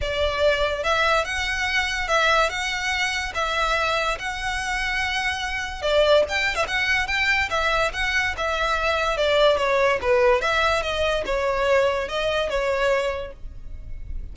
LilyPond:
\new Staff \with { instrumentName = "violin" } { \time 4/4 \tempo 4 = 144 d''2 e''4 fis''4~ | fis''4 e''4 fis''2 | e''2 fis''2~ | fis''2 d''4 g''8. e''16 |
fis''4 g''4 e''4 fis''4 | e''2 d''4 cis''4 | b'4 e''4 dis''4 cis''4~ | cis''4 dis''4 cis''2 | }